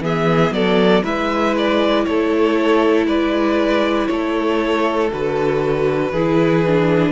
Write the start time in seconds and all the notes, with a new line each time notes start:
0.00 E3 B3 G#4 E5
0.51 F#3 A4 D5
1.04 G#3 E4 B4 E5
1.58 D5
2.05 A3 A4 C#5
3.07 G#3 B4 D5
4.08 A3 A4 C#5
5.12 D3 F#4 B4
6.12 E3 E4 G#4
6.66 D4